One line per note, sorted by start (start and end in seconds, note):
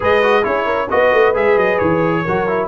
0.00 0.45 G#3
0.00 0.22 G#4
0.00 0.44 B4
0.00 0.44 D#5
0.22 0.42 F#4
0.42 0.90 C#4
0.42 0.87 E4
0.42 0.65 G#4
0.42 0.89 C#5
0.65 0.87 A#4
0.89 1.12 B3
0.89 1.34 F#4
0.89 2.23 B4
0.89 1.35 D#5
1.12 1.34 A3
1.34 1.56 G#3
1.34 2.24 G#4
1.34 1.58 E5
1.56 1.79 F#3
1.56 1.78 D#5
1.78 2.26 E3
1.78 2.68 C#5
2.23 2.68 F#3
2.23 2.47 F#4
2.23 2.68 A#4
2.47 2.68 E4